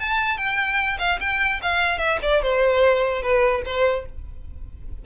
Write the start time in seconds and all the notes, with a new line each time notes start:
0.00 A5
0.38 G5
0.99 F5
1.20 G5
1.63 F5
1.99 E5
2.23 D5
2.42 C5
3.22 B4
3.66 C5